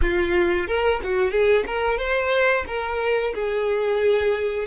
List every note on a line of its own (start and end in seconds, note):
0.01 0.67 F4
0.67 1.00 A#4
1.03 1.31 F#4
1.31 1.64 G#4
1.66 1.98 A#4
1.98 2.64 C5
2.67 3.33 A#4
3.34 4.66 G#4